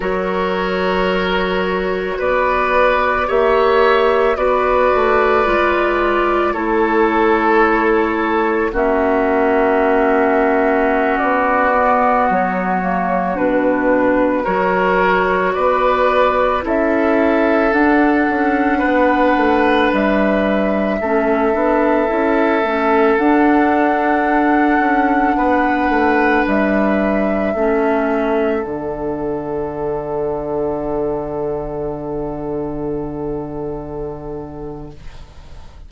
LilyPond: <<
  \new Staff \with { instrumentName = "flute" } { \time 4/4 \tempo 4 = 55 cis''2 d''4 e''4 | d''2 cis''2 | e''2~ e''16 d''4 cis''8.~ | cis''16 b'4 cis''4 d''4 e''8.~ |
e''16 fis''2 e''4.~ e''16~ | e''4~ e''16 fis''2~ fis''8.~ | fis''16 e''2 fis''4.~ fis''16~ | fis''1 | }
  \new Staff \with { instrumentName = "oboe" } { \time 4/4 ais'2 b'4 cis''4 | b'2 a'2 | fis'1~ | fis'4~ fis'16 ais'4 b'4 a'8.~ |
a'4~ a'16 b'2 a'8.~ | a'2.~ a'16 b'8.~ | b'4~ b'16 a'2~ a'8.~ | a'1 | }
  \new Staff \with { instrumentName = "clarinet" } { \time 4/4 fis'2. g'4 | fis'4 f'4 e'2 | cis'2~ cis'8. b4 ais16~ | ais16 d'4 fis'2 e'8.~ |
e'16 d'2. cis'8 d'16~ | d'16 e'8 cis'8 d'2~ d'8.~ | d'4~ d'16 cis'4 d'4.~ d'16~ | d'1 | }
  \new Staff \with { instrumentName = "bassoon" } { \time 4/4 fis2 b4 ais4 | b8 a8 gis4 a2 | ais2~ ais16 b4 fis8.~ | fis16 b,4 fis4 b4 cis'8.~ |
cis'16 d'8 cis'8 b8 a8 g4 a8 b16~ | b16 cis'8 a8 d'4. cis'8 b8 a16~ | a16 g4 a4 d4.~ d16~ | d1 | }
>>